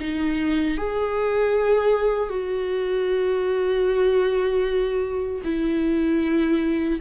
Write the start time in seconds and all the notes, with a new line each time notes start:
0.00 D#4
0.77 G#4
2.30 F#4
5.44 E4